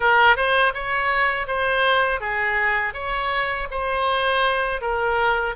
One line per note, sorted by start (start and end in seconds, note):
0.00 0.36 A#4
0.36 0.73 C5
0.74 1.46 C#5
1.46 2.20 C5
2.20 2.93 G#4
2.93 3.67 C#5
3.70 4.81 C5
4.81 5.55 A#4